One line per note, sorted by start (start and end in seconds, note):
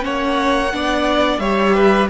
0.00 0.74 A#3
0.00 0.69 C#4
0.00 0.74 C#5
0.00 1.39 F#5
0.73 1.39 B3
0.73 1.42 D4
0.73 1.41 D5
1.39 2.08 G3
1.39 2.10 G4
1.39 1.75 C#5
1.39 2.08 E5
1.75 2.10 B4